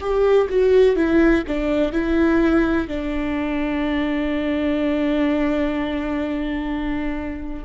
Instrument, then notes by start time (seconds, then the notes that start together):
viola
0.00 G4
0.49 F#4
0.96 E4
1.47 D4
1.92 E4
2.87 D4